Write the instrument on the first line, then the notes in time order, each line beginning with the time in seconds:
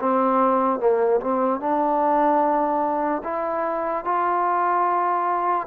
trombone
0.00 C4
0.80 A#3
1.21 C4
1.60 D4
3.24 E4
4.05 F4